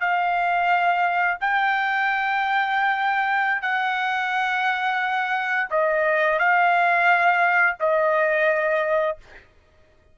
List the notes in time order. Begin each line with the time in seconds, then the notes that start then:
0.00 F5
1.40 G5
3.62 F#5
5.70 D#5
6.39 F5
7.80 D#5